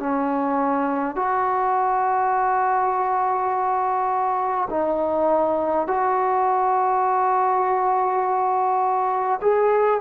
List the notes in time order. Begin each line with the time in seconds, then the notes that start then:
0.00 C#4
1.16 F#4
4.70 D#4
5.88 F#4
9.42 G#4